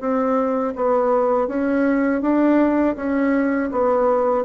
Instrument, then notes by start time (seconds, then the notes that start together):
bassoon
0.00 C4
0.76 B3
1.48 C#4
2.22 D4
2.96 C#4
3.72 B3